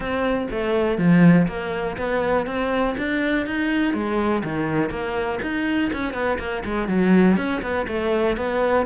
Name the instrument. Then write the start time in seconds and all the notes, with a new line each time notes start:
cello
0.00 C4
0.50 A3
0.97 F3
1.47 A#3
1.97 B3
2.46 C4
2.97 D4
3.46 D#4
3.93 G#3
4.43 D#3
4.90 A#3
5.42 D#4
5.92 C#4
6.13 B3
6.38 A#3
6.64 G#3
6.87 F#3
7.37 C#4
7.62 B3
7.87 A3
8.36 B3